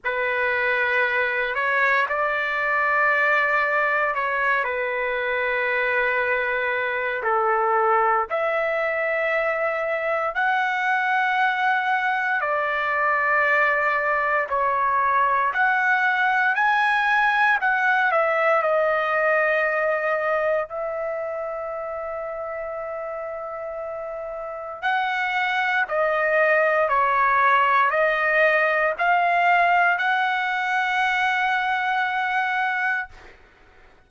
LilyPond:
\new Staff \with { instrumentName = "trumpet" } { \time 4/4 \tempo 4 = 58 b'4. cis''8 d''2 | cis''8 b'2~ b'8 a'4 | e''2 fis''2 | d''2 cis''4 fis''4 |
gis''4 fis''8 e''8 dis''2 | e''1 | fis''4 dis''4 cis''4 dis''4 | f''4 fis''2. | }